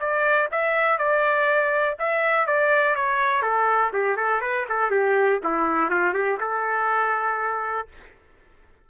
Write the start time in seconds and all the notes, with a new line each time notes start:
0.00 D5
0.52 E5
0.99 D5
1.99 E5
2.47 D5
2.96 C#5
3.43 A4
3.93 G4
4.17 A4
4.42 B4
4.69 A4
4.91 G4
5.44 E4
5.91 F4
6.14 G4
6.40 A4